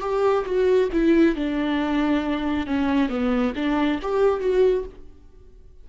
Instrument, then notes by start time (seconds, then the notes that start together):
viola
0.00 G4
0.45 F#4
0.92 E4
1.35 D4
2.66 C#4
3.08 B3
3.55 D4
4.02 G4
4.40 F#4